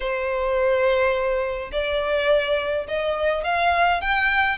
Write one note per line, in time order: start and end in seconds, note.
0.00 1.71 C5
1.72 2.86 D5
2.88 3.44 D#5
3.44 4.01 F5
4.01 4.57 G5